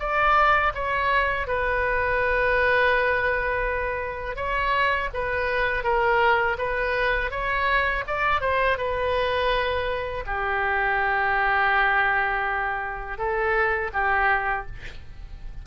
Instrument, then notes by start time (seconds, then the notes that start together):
oboe
0.00 D5
0.75 C#5
1.48 B4
4.36 C#5
5.14 B4
5.84 A#4
6.58 B4
7.31 C#5
8.07 D5
8.41 C5
8.78 B4
10.27 G4
13.18 A4
13.94 G4